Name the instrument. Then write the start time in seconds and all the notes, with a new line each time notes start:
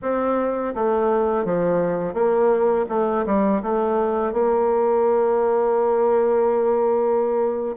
bassoon
0.02 C4
0.74 A3
1.45 F3
2.13 A#3
2.88 A3
3.26 G3
3.62 A3
4.32 A#3